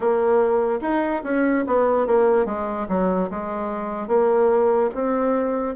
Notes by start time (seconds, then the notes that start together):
0.00 A#3
0.81 D#4
1.23 C#4
1.66 B3
2.06 A#3
2.45 G#3
2.88 F#3
3.30 G#3
4.07 A#3
4.94 C4